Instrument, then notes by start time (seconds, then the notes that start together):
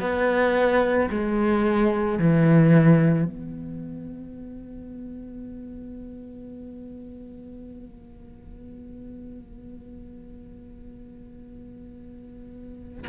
cello
0.00 B3
1.10 G#3
2.19 E3
3.25 B3